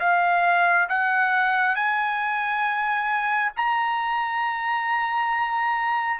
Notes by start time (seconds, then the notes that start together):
0.00 F5
0.89 F#5
1.75 G#5
3.57 A#5